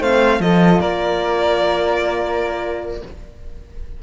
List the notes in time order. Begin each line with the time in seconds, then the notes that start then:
0.00 A3 C4 C5 F5
0.40 F3 F4 A4 D#5
0.81 A#3 A#4 D5